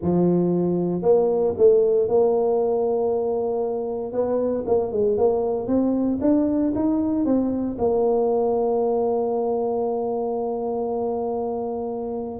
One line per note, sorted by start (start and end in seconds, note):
0.01 1.02 F3
1.02 1.54 A#3
1.57 2.08 A3
2.08 4.12 A#3
4.12 4.64 B3
4.66 4.92 A#3
4.92 5.17 G#3
5.17 5.67 A#3
5.67 6.19 C4
6.21 6.73 D4
6.75 7.25 D#4
7.25 7.77 C4
7.78 12.39 A#3